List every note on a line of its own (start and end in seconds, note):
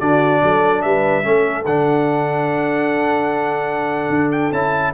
0.00 0.42 D3
0.00 1.23 D4
0.00 0.43 F#4
0.00 0.82 D5
0.43 0.85 F#3
0.43 0.84 A4
0.82 1.25 G3
0.82 1.26 B4
0.82 1.65 E5
1.23 1.66 A3
1.23 1.64 C#4
1.23 4.94 A4
1.66 4.10 D3
1.66 4.54 D4
1.66 4.32 F#5
4.10 4.51 D4
4.32 4.52 G5
4.52 4.93 C#4
4.52 4.94 E4
4.52 4.94 A5